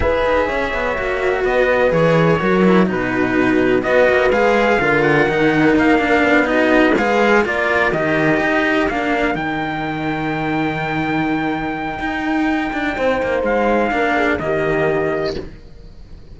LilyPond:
<<
  \new Staff \with { instrumentName = "trumpet" } { \time 4/4 \tempo 4 = 125 e''2. dis''4 | cis''2 b'2 | dis''4 f''4. fis''4. | f''4. dis''4 f''4 d''8~ |
d''8 dis''2 f''4 g''8~ | g''1~ | g''1 | f''2 dis''2 | }
  \new Staff \with { instrumentName = "horn" } { \time 4/4 b'4 cis''2 b'4~ | b'4 ais'4 fis'2 | b'2 ais'2~ | ais'4. fis'4 b'4 ais'8~ |
ais'1~ | ais'1~ | ais'2. c''4~ | c''4 ais'8 gis'8 g'2 | }
  \new Staff \with { instrumentName = "cello" } { \time 4/4 gis'2 fis'2 | gis'4 fis'8 e'8 dis'2 | fis'4 gis'4 f'4 dis'4~ | dis'8 d'4 dis'4 gis'4 f'8~ |
f'8 g'2 d'4 dis'8~ | dis'1~ | dis'1~ | dis'4 d'4 ais2 | }
  \new Staff \with { instrumentName = "cello" } { \time 4/4 e'8 dis'8 cis'8 b8 ais4 b4 | e4 fis4 b,2 | b8 ais8 gis4 d4 dis4 | ais4 b4. gis4 ais8~ |
ais8 dis4 dis'4 ais4 dis8~ | dis1~ | dis4 dis'4. d'8 c'8 ais8 | gis4 ais4 dis2 | }
>>